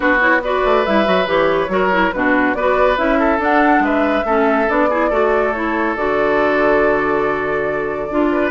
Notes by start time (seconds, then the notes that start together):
0.00 B3 D4 F#4 B4
0.20 E4 C#5
0.44 F#4 B4 D5
0.64 A3
0.85 G3 E4 E5
1.05 F#3 F#4
1.27 E3 G4 C#5
1.68 F#3 F#4 A#4
1.91 E4
2.12 B2 D4 F#4 B4
2.54 B3 F#4 B4 D5
2.96 C#4 E4 E5
3.19 A4
3.38 D4 F#5
3.79 G#3 B4 E5
4.25 A3 C#4 A4
4.67 B3 D4 D5
4.89 E4 G#4
5.09 A3 F#4 A4
5.52 E4 C#5
5.95 D3 F#4 D5
8.10 D4 F4
8.32 B4